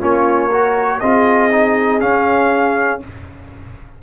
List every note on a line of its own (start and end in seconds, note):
0.00 1.02 A#3
0.00 0.51 C#4
0.00 0.49 F4
0.00 1.00 C#5
0.49 1.02 F#4
0.49 0.99 A#4
1.00 2.02 C4
1.00 1.51 F4
1.00 3.02 G#4
1.00 2.00 D#5
1.51 2.00 D#4
2.00 3.00 C#4
2.00 3.03 C#4
2.00 3.01 F5